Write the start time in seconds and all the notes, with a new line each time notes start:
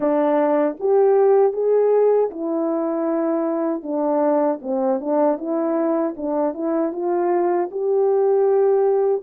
0.00 D4
0.79 G4
1.52 G#4
2.30 E4
3.83 D4
4.62 C4
5.00 D4
5.37 E4
6.16 D4
6.53 E4
6.92 F4
7.71 G4